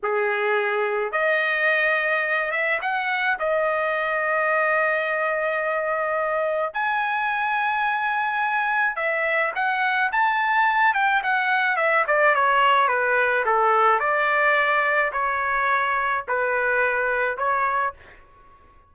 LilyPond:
\new Staff \with { instrumentName = "trumpet" } { \time 4/4 \tempo 4 = 107 gis'2 dis''2~ | dis''8 e''8 fis''4 dis''2~ | dis''1 | gis''1 |
e''4 fis''4 a''4. g''8 | fis''4 e''8 d''8 cis''4 b'4 | a'4 d''2 cis''4~ | cis''4 b'2 cis''4 | }